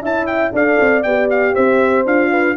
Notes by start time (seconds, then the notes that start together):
0.00 C#4 E4 E5 A5
0.26 G5
0.53 D4 A4 D5 F5
0.80 C4
1.03 B3 G4 G5
1.30 F5
1.54 C4 C5 E5
2.06 D4 F4 F5
2.30 B4